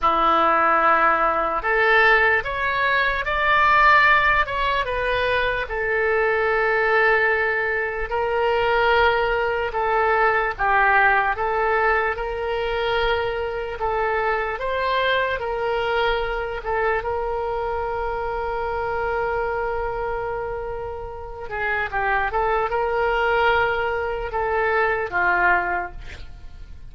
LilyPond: \new Staff \with { instrumentName = "oboe" } { \time 4/4 \tempo 4 = 74 e'2 a'4 cis''4 | d''4. cis''8 b'4 a'4~ | a'2 ais'2 | a'4 g'4 a'4 ais'4~ |
ais'4 a'4 c''4 ais'4~ | ais'8 a'8 ais'2.~ | ais'2~ ais'8 gis'8 g'8 a'8 | ais'2 a'4 f'4 | }